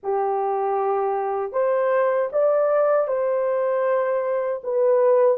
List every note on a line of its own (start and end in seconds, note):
0.03 1.52 G4
1.52 2.29 C5
2.32 3.07 D5
3.07 4.61 C5
4.63 5.37 B4